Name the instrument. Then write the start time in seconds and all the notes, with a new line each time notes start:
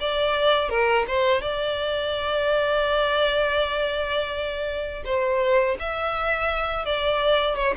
violin
0.00 D5
0.69 A#4
1.07 C5
1.41 D5
5.05 C5
5.79 E5
6.85 D5
7.55 C#5